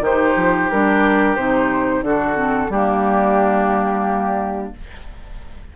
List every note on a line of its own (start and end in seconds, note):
0.00 0.34 D#3
0.00 2.05 G4
0.00 0.70 C5
0.07 0.72 D#4
0.36 0.70 F3
0.70 1.37 G3
0.70 1.38 D4
0.70 1.36 A#4
1.36 2.01 C3
1.36 2.05 D#4
1.36 2.03 C5
2.01 2.69 D3
2.01 2.35 D4
2.01 2.71 F#4
2.01 2.71 A4
2.35 2.69 C4
2.69 4.71 G3
2.69 4.76 A#3
2.69 4.73 D4
2.69 4.73 G4